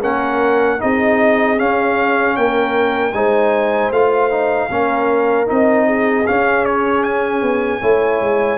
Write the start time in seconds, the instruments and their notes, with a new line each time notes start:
0.00 tuba A#3, trombone C#4, horn A#4, trumpet F#5
0.79 tuba C4, trombone D#4, horn G#4, trumpet D#5
1.56 trombone C#4, tuba C#4, trumpet F5
2.36 tuba A#3, horn A#4, trumpet G5
3.12 tuba G#3, trombone D#4, horn C5, trumpet G#5
3.91 tuba A3, trombone F4, trumpet F5
4.30 trombone D#4
4.69 tuba A#3, trombone C#4, horn A#4
5.46 tuba C4, trombone D#4, trumpet D#5
5.86 horn G#4
6.26 trombone C#4, tuba C#4, trumpet F5
6.65 trumpet C#5
7.03 trumpet G#5
7.41 tuba B3
7.80 tuba A3, trombone E4, horn C#5
8.20 tuba G#3